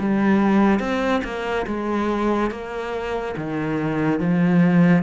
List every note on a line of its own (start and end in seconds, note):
0.00 0.80 G3
0.80 1.22 C4
1.24 1.66 A#3
1.67 2.51 G#3
2.51 3.35 A#3
3.37 4.20 D#3
4.20 5.03 F3